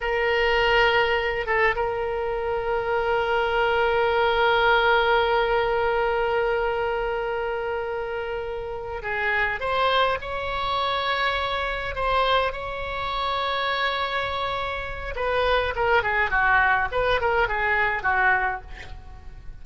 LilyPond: \new Staff \with { instrumentName = "oboe" } { \time 4/4 \tempo 4 = 103 ais'2~ ais'8 a'8 ais'4~ | ais'1~ | ais'1~ | ais'2.~ ais'8 gis'8~ |
gis'8 c''4 cis''2~ cis''8~ | cis''8 c''4 cis''2~ cis''8~ | cis''2 b'4 ais'8 gis'8 | fis'4 b'8 ais'8 gis'4 fis'4 | }